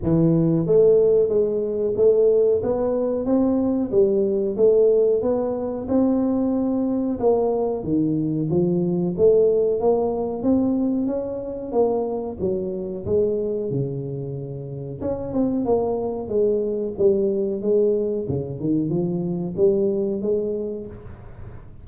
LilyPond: \new Staff \with { instrumentName = "tuba" } { \time 4/4 \tempo 4 = 92 e4 a4 gis4 a4 | b4 c'4 g4 a4 | b4 c'2 ais4 | dis4 f4 a4 ais4 |
c'4 cis'4 ais4 fis4 | gis4 cis2 cis'8 c'8 | ais4 gis4 g4 gis4 | cis8 dis8 f4 g4 gis4 | }